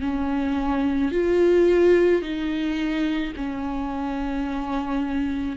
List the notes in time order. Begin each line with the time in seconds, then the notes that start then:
0.00 C#4
1.11 F4
2.21 D#4
3.36 C#4